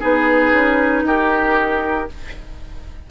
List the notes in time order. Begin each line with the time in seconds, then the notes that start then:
0.00 B3 D#4 G#4 B4
0.53 C#4
1.04 D#4 G4 A#4